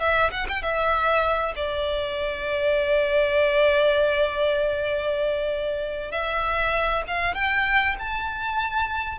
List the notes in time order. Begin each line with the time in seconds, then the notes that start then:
0.00 E5
0.31 F#5
0.49 G5
0.62 E5
1.56 D5
6.12 E5
7.08 F5
7.35 G5
7.99 A5